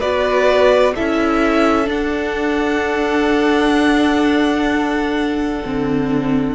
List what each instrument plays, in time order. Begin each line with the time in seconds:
0.00 cello B3, viola F#4, violin B4 D5
0.95 cello C#4, viola E4, violin A4 E5
1.86 viola D4, cello D4, violin F#5
5.65 cello D3, viola C4